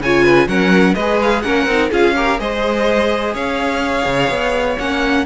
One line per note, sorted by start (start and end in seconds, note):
0.00 0.48 C#3
0.00 0.48 F4
0.00 0.24 C#5
0.00 0.48 G#5
0.24 0.48 B4
0.48 0.95 F#3
0.48 0.96 C#4
0.48 0.95 A#4
0.48 0.95 F#5
0.95 1.45 G#3
0.95 1.43 B4
0.95 1.19 D#5
1.01 1.45 G#4
1.22 1.42 F5
1.42 1.67 A#3
1.42 1.69 C#4
1.42 1.91 A#4
1.42 1.90 F#5
1.67 1.90 C4
1.67 1.92 D#4
1.91 2.40 C#4
1.91 2.16 F4
1.91 2.15 G#4
1.91 2.40 F5
2.16 2.39 G4
2.16 2.40 A#4
2.39 3.35 G#3
2.39 4.77 G#4
2.39 3.35 C5
2.39 3.35 D#5
3.35 4.06 C#4
3.35 5.25 C#5
3.35 4.79 F5
4.06 4.30 C#3
4.30 4.77 B3
4.79 5.26 A#3
4.79 5.26 C#4
4.79 5.26 F#5